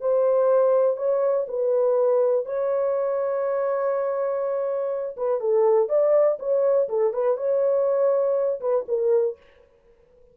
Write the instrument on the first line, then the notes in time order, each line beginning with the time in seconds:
horn
0.00 C5
0.96 C#5
1.48 B4
2.45 C#5
5.16 B4
5.40 A4
5.89 D5
6.39 C#5
6.89 A4
7.13 B4
7.37 C#5
8.60 B4
8.88 A#4